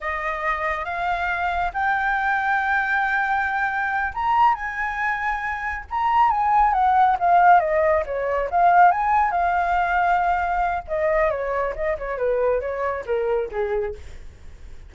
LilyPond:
\new Staff \with { instrumentName = "flute" } { \time 4/4 \tempo 4 = 138 dis''2 f''2 | g''1~ | g''4. ais''4 gis''4.~ | gis''4. ais''4 gis''4 fis''8~ |
fis''8 f''4 dis''4 cis''4 f''8~ | f''8 gis''4 f''2~ f''8~ | f''4 dis''4 cis''4 dis''8 cis''8 | b'4 cis''4 ais'4 gis'4 | }